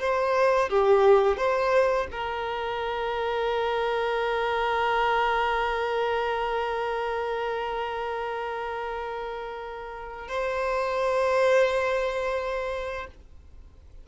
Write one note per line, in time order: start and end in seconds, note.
0.00 0.70 C5
0.70 1.37 G4
1.37 2.07 C5
2.12 10.28 A#4
10.28 13.07 C5